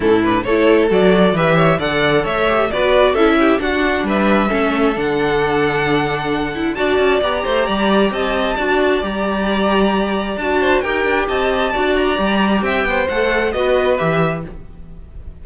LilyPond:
<<
  \new Staff \with { instrumentName = "violin" } { \time 4/4 \tempo 4 = 133 a'8 b'8 cis''4 d''4 e''4 | fis''4 e''4 d''4 e''4 | fis''4 e''2 fis''4~ | fis''2. a''4 |
ais''2 a''2 | ais''2. a''4 | g''4 a''4. ais''4. | g''4 fis''4 dis''4 e''4 | }
  \new Staff \with { instrumentName = "violin" } { \time 4/4 e'4 a'2 b'8 cis''8 | d''4 cis''4 b'4 a'8 g'8 | fis'4 b'4 a'2~ | a'2. d''4~ |
d''8 c''8 d''4 dis''4 d''4~ | d''2.~ d''8 c''8 | ais'4 dis''4 d''2 | e''8 c''4. b'2 | }
  \new Staff \with { instrumentName = "viola" } { \time 4/4 cis'8 d'8 e'4 fis'4 g'4 | a'4. g'8 fis'4 e'4 | d'2 cis'4 d'4~ | d'2~ d'8 e'8 fis'4 |
g'2. fis'4 | g'2. fis'4 | g'2 fis'4 g'4~ | g'4 a'4 fis'4 g'4 | }
  \new Staff \with { instrumentName = "cello" } { \time 4/4 a,4 a4 fis4 e4 | d4 a4 b4 cis'4 | d'4 g4 a4 d4~ | d2. d'8 cis'8 |
b8 a8 g4 c'4 d'4 | g2. d'4 | dis'8 d'8 c'4 d'4 g4 | c'8 b8 a4 b4 e4 | }
>>